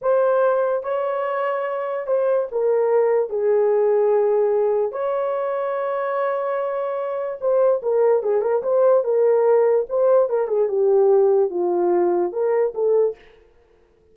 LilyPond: \new Staff \with { instrumentName = "horn" } { \time 4/4 \tempo 4 = 146 c''2 cis''2~ | cis''4 c''4 ais'2 | gis'1 | cis''1~ |
cis''2 c''4 ais'4 | gis'8 ais'8 c''4 ais'2 | c''4 ais'8 gis'8 g'2 | f'2 ais'4 a'4 | }